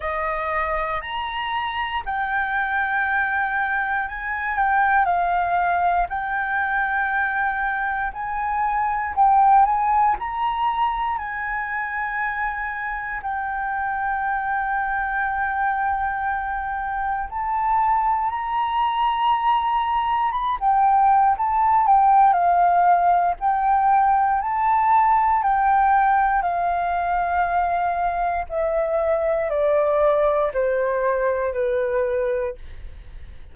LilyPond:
\new Staff \with { instrumentName = "flute" } { \time 4/4 \tempo 4 = 59 dis''4 ais''4 g''2 | gis''8 g''8 f''4 g''2 | gis''4 g''8 gis''8 ais''4 gis''4~ | gis''4 g''2.~ |
g''4 a''4 ais''2 | b''16 g''8. a''8 g''8 f''4 g''4 | a''4 g''4 f''2 | e''4 d''4 c''4 b'4 | }